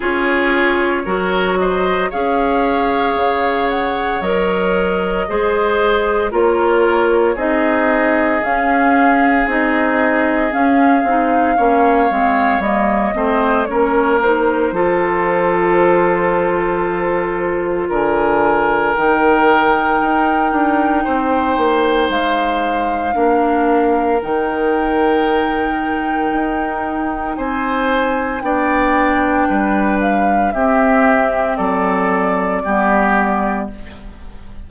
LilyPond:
<<
  \new Staff \with { instrumentName = "flute" } { \time 4/4 \tempo 4 = 57 cis''4. dis''8 f''4. fis''8 | dis''2 cis''4 dis''4 | f''4 dis''4 f''2 | dis''4 cis''8 c''2~ c''8~ |
c''4 gis''4 g''2~ | g''4 f''2 g''4~ | g''2 gis''4 g''4~ | g''8 f''8 e''4 d''2 | }
  \new Staff \with { instrumentName = "oboe" } { \time 4/4 gis'4 ais'8 c''8 cis''2~ | cis''4 c''4 ais'4 gis'4~ | gis'2. cis''4~ | cis''8 c''8 ais'4 a'2~ |
a'4 ais'2. | c''2 ais'2~ | ais'2 c''4 d''4 | b'4 g'4 a'4 g'4 | }
  \new Staff \with { instrumentName = "clarinet" } { \time 4/4 f'4 fis'4 gis'2 | ais'4 gis'4 f'4 dis'4 | cis'4 dis'4 cis'8 dis'8 cis'8 c'8 | ais8 c'8 cis'8 dis'8 f'2~ |
f'2 dis'2~ | dis'2 d'4 dis'4~ | dis'2. d'4~ | d'4 c'2 b4 | }
  \new Staff \with { instrumentName = "bassoon" } { \time 4/4 cis'4 fis4 cis'4 cis4 | fis4 gis4 ais4 c'4 | cis'4 c'4 cis'8 c'8 ais8 gis8 | g8 a8 ais4 f2~ |
f4 d4 dis4 dis'8 d'8 | c'8 ais8 gis4 ais4 dis4~ | dis4 dis'4 c'4 b4 | g4 c'4 fis4 g4 | }
>>